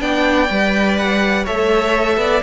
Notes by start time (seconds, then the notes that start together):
0.00 B3 D4 D5 G5
0.49 G3 B4
0.97 F#5
1.44 A3 A4 C#5 E5
2.17 B3 D5